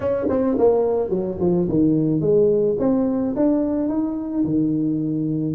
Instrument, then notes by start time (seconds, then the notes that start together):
tuba
0.00 C#4
0.29 C4
0.57 A#3
1.09 F#3
1.40 F3
1.68 D#3
2.20 G#3
2.79 C4
3.35 D4
3.88 D#4
4.44 D#3